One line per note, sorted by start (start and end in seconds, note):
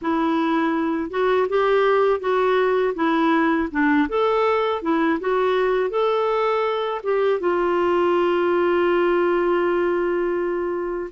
0.01 1.10 E4
1.10 1.47 F#4
1.48 2.20 G4
2.20 2.94 F#4
2.94 3.68 E4
3.71 4.08 D4
4.08 4.81 A4
4.81 5.19 E4
5.20 5.90 F#4
5.90 7.01 A4
7.03 7.39 G4
7.39 11.10 F4